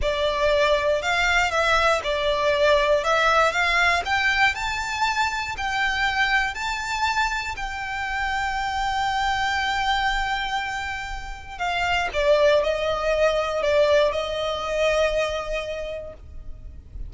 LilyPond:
\new Staff \with { instrumentName = "violin" } { \time 4/4 \tempo 4 = 119 d''2 f''4 e''4 | d''2 e''4 f''4 | g''4 a''2 g''4~ | g''4 a''2 g''4~ |
g''1~ | g''2. f''4 | d''4 dis''2 d''4 | dis''1 | }